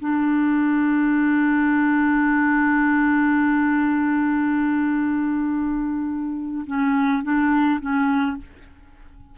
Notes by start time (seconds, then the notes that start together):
0.00 D4
6.67 C#4
7.23 D4
7.81 C#4